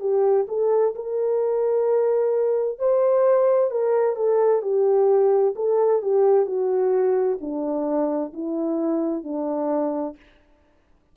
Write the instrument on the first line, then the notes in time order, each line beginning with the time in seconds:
horn
0.00 G4
0.48 A4
0.95 A#4
2.79 C5
3.70 A#4
4.16 A4
4.62 G4
5.56 A4
6.02 G4
6.46 F#4
7.41 D4
8.33 E4
9.24 D4